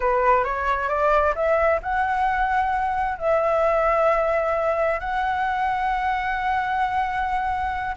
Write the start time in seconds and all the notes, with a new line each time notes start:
0.00 B4
0.44 C#5
0.88 D5
1.35 E5
1.82 F#5
3.18 E5
5.00 F#5